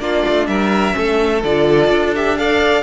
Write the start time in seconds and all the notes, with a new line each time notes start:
0.00 A#3 D4 F4 D5
0.29 A3
0.48 G3 A#4 E5
0.92 A3 C#4 A4
1.44 D3 F4 D5
1.89 D4
2.16 G4 E5
2.38 A4 D5 F5